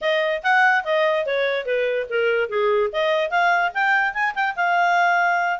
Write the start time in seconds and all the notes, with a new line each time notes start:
0.01 D#5
0.43 F#5
0.84 D#5
1.26 C#5
1.65 B4
2.09 A#4
2.49 G#4
2.92 D#5
3.30 F5
3.74 G5
4.13 G#5
4.34 G5
4.56 F5